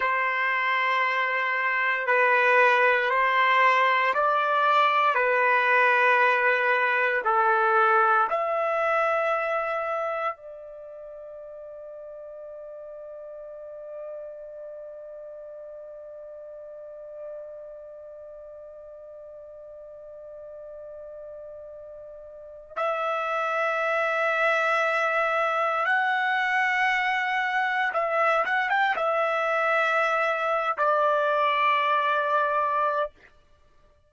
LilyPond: \new Staff \with { instrumentName = "trumpet" } { \time 4/4 \tempo 4 = 58 c''2 b'4 c''4 | d''4 b'2 a'4 | e''2 d''2~ | d''1~ |
d''1~ | d''2 e''2~ | e''4 fis''2 e''8 fis''16 g''16 | e''4.~ e''16 d''2~ d''16 | }